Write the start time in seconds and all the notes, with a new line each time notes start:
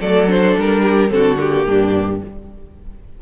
0.00 F#3 A3 A4 D5
0.28 D4 C5
0.58 G3 A#4
0.83 G4
1.10 D3 C4 F#4 A4
1.37 A#3 G4
1.66 G2 D4